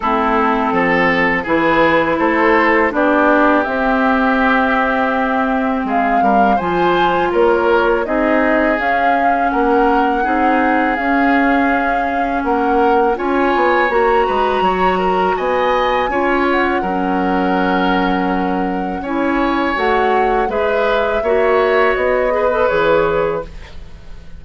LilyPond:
<<
  \new Staff \with { instrumentName = "flute" } { \time 4/4 \tempo 4 = 82 a'2 b'4 c''4 | d''4 e''2. | f''4 gis''4 cis''4 dis''4 | f''4 fis''2 f''4~ |
f''4 fis''4 gis''4 ais''4~ | ais''4 gis''4. fis''4.~ | fis''2 gis''4 fis''4 | e''2 dis''4 cis''4 | }
  \new Staff \with { instrumentName = "oboe" } { \time 4/4 e'4 a'4 gis'4 a'4 | g'1 | gis'8 ais'8 c''4 ais'4 gis'4~ | gis'4 ais'4 gis'2~ |
gis'4 ais'4 cis''4. b'8 | cis''8 ais'8 dis''4 cis''4 ais'4~ | ais'2 cis''2 | b'4 cis''4. b'4. | }
  \new Staff \with { instrumentName = "clarinet" } { \time 4/4 c'2 e'2 | d'4 c'2.~ | c'4 f'2 dis'4 | cis'2 dis'4 cis'4~ |
cis'2 f'4 fis'4~ | fis'2 f'4 cis'4~ | cis'2 e'4 fis'4 | gis'4 fis'4. gis'16 a'16 gis'4 | }
  \new Staff \with { instrumentName = "bassoon" } { \time 4/4 a4 f4 e4 a4 | b4 c'2. | gis8 g8 f4 ais4 c'4 | cis'4 ais4 c'4 cis'4~ |
cis'4 ais4 cis'8 b8 ais8 gis8 | fis4 b4 cis'4 fis4~ | fis2 cis'4 a4 | gis4 ais4 b4 e4 | }
>>